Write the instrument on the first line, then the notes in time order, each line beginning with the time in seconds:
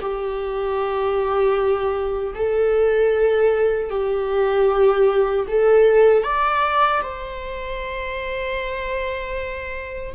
viola
0.00 G4
2.35 A4
3.90 G4
5.48 A4
6.23 D5
7.02 C5